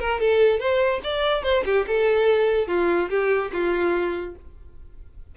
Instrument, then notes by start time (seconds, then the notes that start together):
violin
0.00 A#4
0.21 A4
0.60 C5
1.04 D5
1.44 C5
1.66 G4
1.87 A4
2.68 F4
3.10 G4
3.53 F4